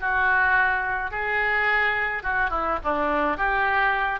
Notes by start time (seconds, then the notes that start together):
0.00 F#4
1.11 G#4
2.23 F#4
2.50 E4
2.84 D4
3.37 G4